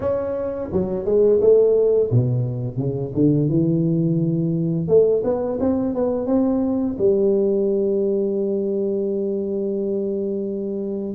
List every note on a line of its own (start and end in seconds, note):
0.00 0.69 C#4
0.72 1.05 F#3
1.05 1.40 G#3
1.40 2.10 A3
2.10 2.77 B2
2.77 3.12 C#3
3.14 3.48 D3
3.48 4.88 E3
4.88 5.23 A3
5.23 5.58 B3
5.59 5.94 C4
5.94 6.26 B3
6.26 6.96 C4
6.98 11.14 G3